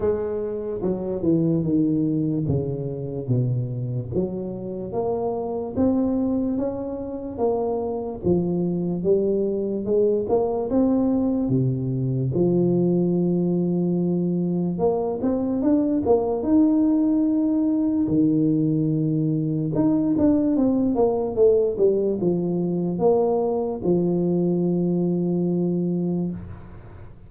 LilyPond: \new Staff \with { instrumentName = "tuba" } { \time 4/4 \tempo 4 = 73 gis4 fis8 e8 dis4 cis4 | b,4 fis4 ais4 c'4 | cis'4 ais4 f4 g4 | gis8 ais8 c'4 c4 f4~ |
f2 ais8 c'8 d'8 ais8 | dis'2 dis2 | dis'8 d'8 c'8 ais8 a8 g8 f4 | ais4 f2. | }